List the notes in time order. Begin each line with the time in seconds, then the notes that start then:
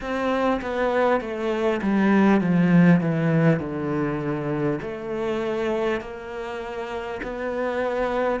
0.01 C4
0.61 B3
1.20 A3
1.82 G3
2.41 F3
3.01 E3
3.59 D3
4.81 A3
6.01 A#3
7.22 B3